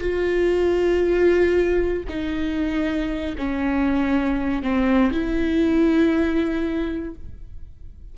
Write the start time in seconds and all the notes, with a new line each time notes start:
0.00 F4
2.08 D#4
3.37 C#4
4.63 C4
5.11 E4